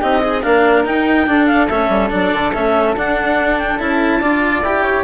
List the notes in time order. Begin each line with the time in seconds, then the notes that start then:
0.00 C4 D#4 G4 D#5
0.22 D#4 G#4
0.42 A#3 D4 A#4 F5
0.85 D#4 G5
1.27 D4 A4
1.47 F5
1.68 A3 C#4 E5
1.89 G3
2.10 F#3 D4 D5
2.33 D3
2.54 A3 C#4 E5
2.95 D4 F#5
3.58 G5
3.79 C#4 E4 A5
4.21 D4 F4 D5
4.62 E4 G4 G5
4.84 C#5